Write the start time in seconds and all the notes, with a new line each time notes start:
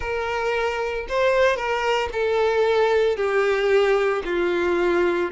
0.00 A#4
1.09 C5
1.56 A#4
2.12 A4
3.16 G4
4.25 F4